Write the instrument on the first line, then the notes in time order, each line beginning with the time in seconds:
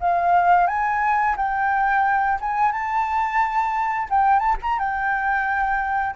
flute
0.00 F5
0.67 G#5
1.37 G5
2.40 G#5
2.71 A5
4.10 G5
4.39 A5
4.62 A#5
4.79 G5